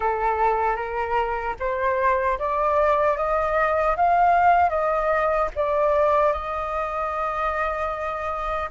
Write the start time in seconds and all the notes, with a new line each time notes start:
0.00 A4
0.76 A#4
1.59 C5
2.38 D5
3.17 D#5
3.96 F5
4.69 D#5
5.55 D5
6.32 D#5